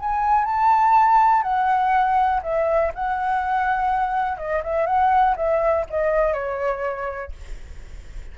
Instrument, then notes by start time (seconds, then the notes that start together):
flute
0.00 G#5
0.45 A5
1.43 F#5
2.43 E5
2.95 F#5
4.38 D#5
4.64 E5
4.87 F#5
5.37 E5
5.90 D#5
6.34 C#5